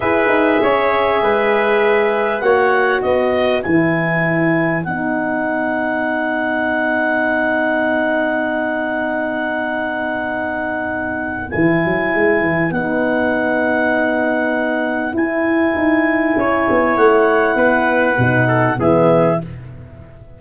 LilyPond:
<<
  \new Staff \with { instrumentName = "clarinet" } { \time 4/4 \tempo 4 = 99 e''1 | fis''4 dis''4 gis''2 | fis''1~ | fis''1~ |
fis''2. gis''4~ | gis''4 fis''2.~ | fis''4 gis''2. | fis''2. e''4 | }
  \new Staff \with { instrumentName = "trumpet" } { \time 4/4 b'4 cis''4 b'2 | cis''4 b'2.~ | b'1~ | b'1~ |
b'1~ | b'1~ | b'2. cis''4~ | cis''4 b'4. a'8 gis'4 | }
  \new Staff \with { instrumentName = "horn" } { \time 4/4 gis'1 | fis'2 e'2 | dis'1~ | dis'1~ |
dis'2. e'4~ | e'4 dis'2.~ | dis'4 e'2.~ | e'2 dis'4 b4 | }
  \new Staff \with { instrumentName = "tuba" } { \time 4/4 e'8 dis'8 cis'4 gis2 | ais4 b4 e2 | b1~ | b1~ |
b2. e8 fis8 | gis8 e8 b2.~ | b4 e'4 dis'4 cis'8 b8 | a4 b4 b,4 e4 | }
>>